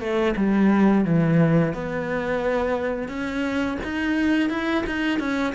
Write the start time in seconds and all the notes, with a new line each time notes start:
0.00 A3
0.36 G3
1.04 E3
1.74 B3
3.08 C#4
3.83 D#4
4.50 E4
4.86 D#4
5.19 C#4